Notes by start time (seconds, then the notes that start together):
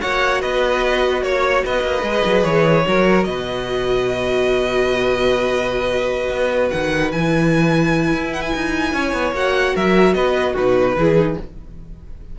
0.00 A#3 F#4 C#5 F#5
0.41 B3 B4 D#5
1.22 A#3 C#5
1.64 B3 B4 D#5
1.83 A#3
2.02 G#3 G#4
2.25 F#3
2.44 E3 C#5
2.85 F#3 F#4 A#4
3.24 B2 B4 D#5
6.30 B3
6.70 D#3 F#5
7.12 E3 E4 G#5
8.13 E4
8.33 F#5
8.42 G#5
8.55 D#4
8.93 C#4 C#5
9.13 B3
9.32 A#3 F#4 F#5
9.75 F#3 A#4 E5
10.14 B3 B4 D#5
10.53 B2 D#4 F#4 B4
10.96 E3 E4 G#4
11.16 D#4